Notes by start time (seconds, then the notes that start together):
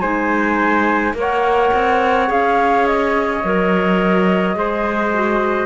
0.00 G#3 D#4 C5 G#5
1.13 A#3 A#4
1.19 C#5 F#5
1.74 C4
2.27 C#4 G#4 F5
2.87 D#5
3.44 F#3 A#4
4.55 G#3 G#4 C5
5.13 F#4